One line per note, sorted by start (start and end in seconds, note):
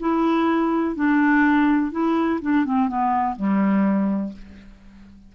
0.00 0.96 E4
0.96 1.92 D4
1.92 2.40 E4
2.42 2.65 D4
2.65 2.89 C4
2.89 3.36 B3
3.36 4.33 G3